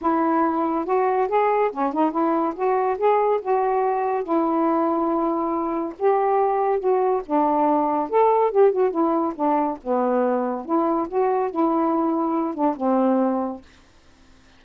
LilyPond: \new Staff \with { instrumentName = "saxophone" } { \time 4/4 \tempo 4 = 141 e'2 fis'4 gis'4 | cis'8 dis'8 e'4 fis'4 gis'4 | fis'2 e'2~ | e'2 g'2 |
fis'4 d'2 a'4 | g'8 fis'8 e'4 d'4 b4~ | b4 e'4 fis'4 e'4~ | e'4. d'8 c'2 | }